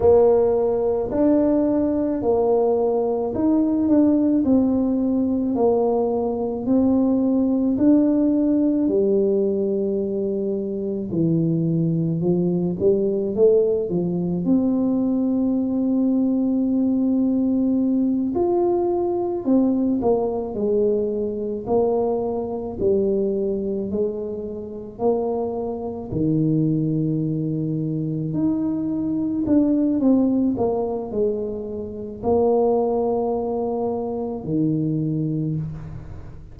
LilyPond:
\new Staff \with { instrumentName = "tuba" } { \time 4/4 \tempo 4 = 54 ais4 d'4 ais4 dis'8 d'8 | c'4 ais4 c'4 d'4 | g2 e4 f8 g8 | a8 f8 c'2.~ |
c'8 f'4 c'8 ais8 gis4 ais8~ | ais8 g4 gis4 ais4 dis8~ | dis4. dis'4 d'8 c'8 ais8 | gis4 ais2 dis4 | }